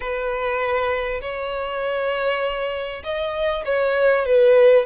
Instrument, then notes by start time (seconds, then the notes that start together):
violin
0.00 B4
1.21 C#5
3.03 D#5
3.65 C#5
4.25 B4